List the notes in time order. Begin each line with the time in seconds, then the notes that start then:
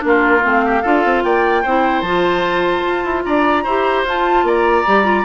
0.00 A#3 D4
0.06 F4 A#4
0.43 A3 C4 F5
0.65 G4
0.83 D4 F4 A4
1.05 C4
1.24 A#3 D5 G5
1.63 C4 E4 C5
2.02 F3 F4 A5
2.88 F4
3.04 E4
3.25 D4 D5 A#5
3.64 E4 G4 C5
4.04 F4 A5
4.44 A#3 D5 A#5
4.87 G3 G4
5.05 F4